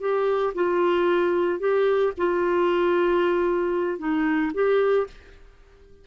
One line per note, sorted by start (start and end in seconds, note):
0.00 0.53 G4
0.54 1.59 F4
1.59 2.12 G4
2.17 3.98 F4
3.98 4.51 D#4
4.53 5.06 G4